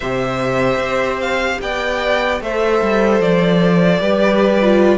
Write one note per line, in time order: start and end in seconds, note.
0.00 0.77 C3
0.00 2.41 G4
0.00 1.60 C5
0.00 1.20 E5
0.77 1.57 C4
1.20 1.60 F5
1.61 2.40 B3
1.61 2.42 D5
1.61 2.41 G5
2.40 2.80 A3
2.40 3.98 A4
2.40 4.00 C5
2.40 3.21 E5
2.81 3.20 G3
3.20 4.00 F3
3.20 4.97 D5
3.98 4.97 G3
3.98 4.58 G4
3.98 4.97 B4
4.61 4.97 F4